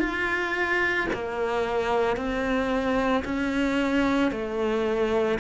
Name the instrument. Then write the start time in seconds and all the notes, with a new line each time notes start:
cello
0.00 F4
1.13 A#3
2.17 C4
3.25 C#4
4.31 A3